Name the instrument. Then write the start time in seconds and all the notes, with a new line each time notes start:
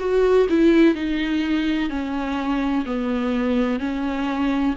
viola
0.00 F#4
0.49 E4
0.95 D#4
1.90 C#4
2.86 B3
3.80 C#4